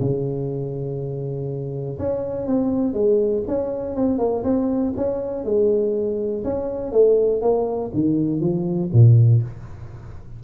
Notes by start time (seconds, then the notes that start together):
0.00 C#3
1.99 C#4
2.47 C4
2.94 G#3
3.48 C#4
3.96 C4
4.19 A#3
4.44 C4
4.96 C#4
5.45 G#3
6.44 C#4
6.92 A3
7.42 A#3
7.94 D#3
8.41 F3
8.93 A#2